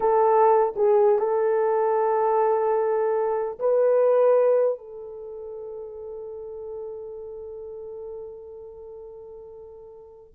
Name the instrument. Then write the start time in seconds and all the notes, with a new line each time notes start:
horn
0.00 A4
0.76 G#4
1.18 A4
3.59 B4
4.78 A4